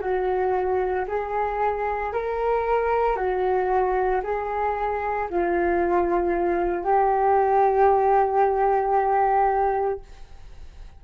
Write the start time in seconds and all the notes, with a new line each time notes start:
0.00 F#4
1.08 G#4
2.12 A#4
3.16 F#4
4.23 G#4
5.29 F4
6.84 G4